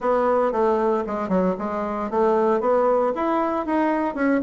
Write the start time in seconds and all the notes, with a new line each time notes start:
0.00 B3
0.51 A3
1.06 G#3
1.29 F#3
1.58 G#3
2.10 A3
2.60 B3
3.15 E4
3.66 D#4
4.15 C#4